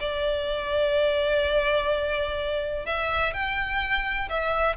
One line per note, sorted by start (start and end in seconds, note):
0.00 2.86 D5
2.86 3.33 E5
3.34 4.29 G5
4.29 4.77 E5